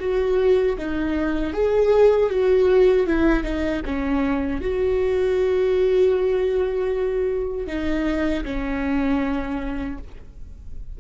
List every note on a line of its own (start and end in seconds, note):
0.00 0.77 F#4
0.78 1.53 D#4
1.53 2.30 G#4
2.30 3.07 F#4
3.07 3.44 E4
3.44 3.82 D#4
3.86 4.61 C#4
4.61 7.67 F#4
7.67 8.44 D#4
8.45 9.99 C#4